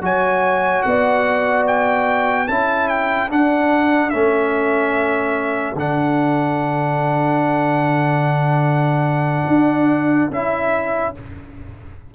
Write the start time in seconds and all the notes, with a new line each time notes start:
0.00 F#3 F#4 C#5 G#5
0.82 B3 D5 F#5
1.67 G5
2.45 C#4 E4 A4 A5
2.88 G5
3.29 D4 F#5
4.10 A3 C#4 E5
5.74 D3 D4 F#5
9.47 D4
10.30 C#4 E4 E5